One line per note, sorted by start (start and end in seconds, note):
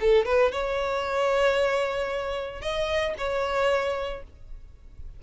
0.00 0.25 A4
0.25 0.51 B4
0.51 2.61 C#5
2.61 3.14 D#5
3.18 4.23 C#5